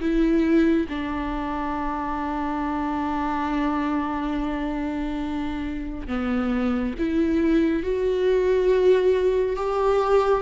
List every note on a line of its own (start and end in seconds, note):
0.00 0.87 E4
0.89 6.08 D4
6.08 6.94 B3
6.98 7.83 E4
7.83 9.56 F#4
9.56 10.42 G4